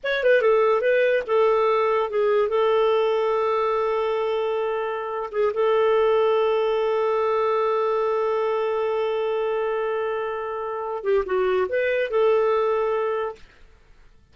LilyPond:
\new Staff \with { instrumentName = "clarinet" } { \time 4/4 \tempo 4 = 144 cis''8 b'8 a'4 b'4 a'4~ | a'4 gis'4 a'2~ | a'1~ | a'8. gis'8 a'2~ a'8.~ |
a'1~ | a'1~ | a'2~ a'8 g'8 fis'4 | b'4 a'2. | }